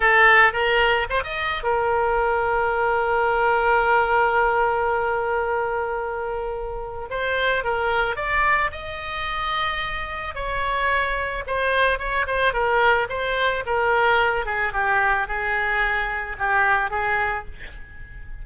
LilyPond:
\new Staff \with { instrumentName = "oboe" } { \time 4/4 \tempo 4 = 110 a'4 ais'4 c''16 dis''8. ais'4~ | ais'1~ | ais'1~ | ais'4 c''4 ais'4 d''4 |
dis''2. cis''4~ | cis''4 c''4 cis''8 c''8 ais'4 | c''4 ais'4. gis'8 g'4 | gis'2 g'4 gis'4 | }